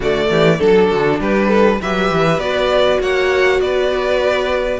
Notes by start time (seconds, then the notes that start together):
0.00 D3 A3 F#4 D5
0.30 E3 G4
0.58 F#3 D4 A4
0.89 D3 F#4
1.19 G3 G4 B4
1.48 A4
1.81 F#3 G4 B4 E5
2.11 E3
2.38 B3 F#4 D5
3.00 A#3 C#5 F#5
3.60 B3 B4 D5